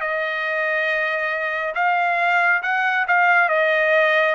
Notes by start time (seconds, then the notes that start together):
0.00 D#5
1.75 F5
2.62 F#5
3.08 F5
3.49 D#5